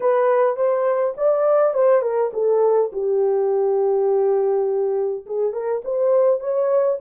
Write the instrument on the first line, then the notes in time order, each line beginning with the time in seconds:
horn
0.00 B4
0.56 C5
1.17 D5
1.74 C5
2.02 A#4
2.33 A4
2.92 G4
5.26 G#4
5.52 A#4
5.84 C5
6.40 C#5